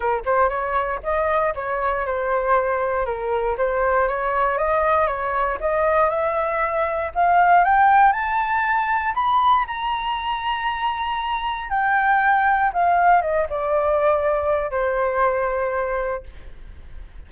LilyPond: \new Staff \with { instrumentName = "flute" } { \time 4/4 \tempo 4 = 118 ais'8 c''8 cis''4 dis''4 cis''4 | c''2 ais'4 c''4 | cis''4 dis''4 cis''4 dis''4 | e''2 f''4 g''4 |
a''2 b''4 ais''4~ | ais''2. g''4~ | g''4 f''4 dis''8 d''4.~ | d''4 c''2. | }